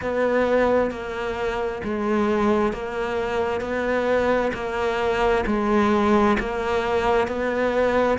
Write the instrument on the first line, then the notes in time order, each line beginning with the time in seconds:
cello
0.01 B3
0.90 A#3
1.83 G#3
2.72 A#3
3.60 B3
4.53 A#3
5.46 G#3
6.39 A#3
7.27 B3